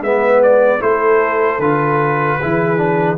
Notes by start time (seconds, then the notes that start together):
0.00 G#3 B3 B4 E5
0.42 D5
0.80 A3 E4 A4 C5
1.58 D3 F4 B4
2.39 E3 E4 G#4
2.77 D4